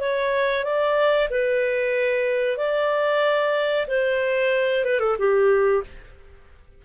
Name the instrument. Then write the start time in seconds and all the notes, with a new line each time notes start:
clarinet
0.00 C#5
0.64 D5
1.30 B4
2.57 D5
3.88 C5
4.84 B4
5.00 A4
5.19 G4